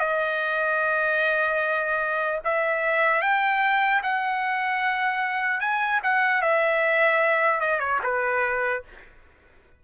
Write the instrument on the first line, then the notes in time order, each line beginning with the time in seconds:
trumpet
0.00 D#5
2.45 E5
3.22 G5
4.03 F#5
5.61 G#5
6.04 F#5
6.42 E5
7.61 D#5
7.80 C#5
8.04 B4